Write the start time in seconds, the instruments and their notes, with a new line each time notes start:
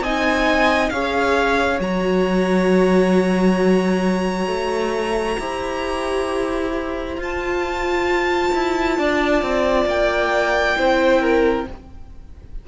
0.00 cello C4, viola D#4, violin D#5 G#5
0.89 cello C#4, viola G#4, violin C#5 F5
1.79 cello F#3, viola F#4, violin A#5
4.47 cello A3
5.39 cello E4, viola G4, violin C5
7.17 cello F4, viola F4, violin A5
8.54 cello E4
8.98 cello D4, violin D5
9.42 cello C4
9.85 cello A#3, violin G5
10.76 cello C4, viola E4, violin C5
11.21 violin A#4